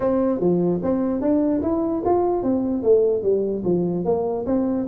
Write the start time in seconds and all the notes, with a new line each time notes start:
0.00 C4
0.40 F3
0.82 C4
1.21 D4
1.62 E4
2.05 F4
2.42 C4
2.82 A3
3.22 G3
3.64 F3
4.04 A#3
4.46 C4